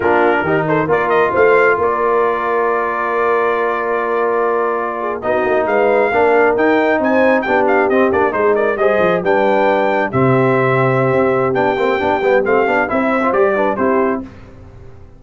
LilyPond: <<
  \new Staff \with { instrumentName = "trumpet" } { \time 4/4 \tempo 4 = 135 ais'4. c''8 d''8 dis''8 f''4 | d''1~ | d''2.~ d''8. dis''16~ | dis''8. f''2 g''4 gis''16~ |
gis''8. g''8 f''8 dis''8 d''8 c''8 d''8 dis''16~ | dis''8. g''2 e''4~ e''16~ | e''2 g''2 | f''4 e''4 d''4 c''4 | }
  \new Staff \with { instrumentName = "horn" } { \time 4/4 f'4 g'8 a'8 ais'4 c''4 | ais'1~ | ais'2.~ ais'16 gis'8 fis'16~ | fis'8. b'4 ais'2 c''16~ |
c''8. g'2 gis'8 ais'8 c''16~ | c''8. b'2 g'4~ g'16~ | g'1~ | g'4. c''4 b'8 g'4 | }
  \new Staff \with { instrumentName = "trombone" } { \time 4/4 d'4 dis'4 f'2~ | f'1~ | f'2.~ f'8. dis'16~ | dis'4.~ dis'16 d'4 dis'4~ dis'16~ |
dis'8. d'4 c'8 d'8 dis'4 gis'16~ | gis'8. d'2 c'4~ c'16~ | c'2 d'8 c'8 d'8 b8 | c'8 d'8 e'8. f'16 g'8 d'8 e'4 | }
  \new Staff \with { instrumentName = "tuba" } { \time 4/4 ais4 dis4 ais4 a4 | ais1~ | ais2.~ ais8. b16~ | b16 ais8 gis4 ais4 dis'4 c'16~ |
c'8. b4 c'8 ais8 gis4 g16~ | g16 f8 g2 c4~ c16~ | c4 c'4 b8 ais8 b8 g8 | a8 b8 c'4 g4 c'4 | }
>>